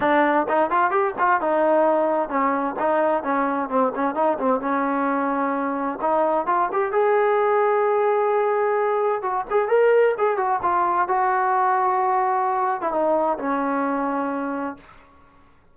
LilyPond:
\new Staff \with { instrumentName = "trombone" } { \time 4/4 \tempo 4 = 130 d'4 dis'8 f'8 g'8 f'8 dis'4~ | dis'4 cis'4 dis'4 cis'4 | c'8 cis'8 dis'8 c'8 cis'2~ | cis'4 dis'4 f'8 g'8 gis'4~ |
gis'1 | fis'8 gis'8 ais'4 gis'8 fis'8 f'4 | fis'2.~ fis'8. e'16 | dis'4 cis'2. | }